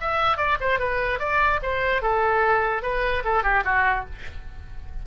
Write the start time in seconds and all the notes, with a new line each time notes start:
0.00 E5
0.37 D5
0.60 C5
0.79 B4
1.19 D5
1.62 C5
2.02 A4
2.82 B4
3.24 A4
3.43 G4
3.64 F#4